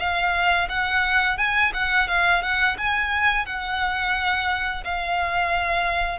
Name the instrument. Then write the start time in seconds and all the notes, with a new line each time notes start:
violin
0.00 F5
0.70 F#5
1.38 G#5
1.75 F#5
2.08 F5
2.43 F#5
2.78 G#5
3.46 F#5
4.85 F5